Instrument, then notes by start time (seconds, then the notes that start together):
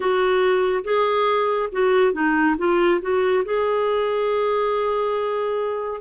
clarinet
0.00 F#4
0.84 G#4
1.71 F#4
2.12 D#4
2.58 F4
3.01 F#4
3.44 G#4